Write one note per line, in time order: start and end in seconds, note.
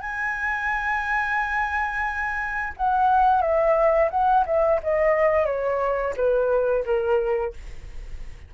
0.00 2.73 G#5
2.76 3.41 F#5
3.41 4.09 E5
4.10 4.44 F#5
4.45 4.79 E5
4.83 5.45 D#5
5.45 6.14 C#5
6.16 6.84 B4
6.85 7.53 A#4